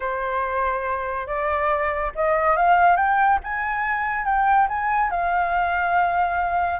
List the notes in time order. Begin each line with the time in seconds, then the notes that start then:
0.00 C5
1.26 D5
2.15 D#5
2.56 F5
2.96 G5
3.43 G#5
4.25 G5
4.68 G#5
5.10 F5